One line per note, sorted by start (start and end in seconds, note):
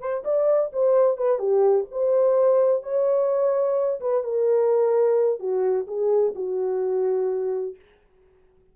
0.00 0.23 C5
0.24 0.71 D5
0.73 1.17 C5
1.17 1.39 B4
1.39 1.86 G4
1.91 2.83 C5
2.83 4.00 C#5
4.01 4.23 B4
4.23 5.39 A#4
5.39 5.86 F#4
5.87 6.34 G#4
6.35 7.76 F#4